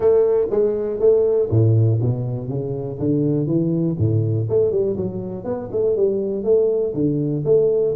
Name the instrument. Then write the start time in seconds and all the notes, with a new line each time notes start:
tuba
0.00 A3
0.50 G#3
0.99 A3
1.50 A2
2.01 B2
2.48 C#3
2.99 D3
3.46 E3
3.98 A2
4.49 A3
4.71 G3
4.96 F#3
5.44 B3
5.71 A3
5.96 G3
6.43 A3
6.94 D3
7.44 A3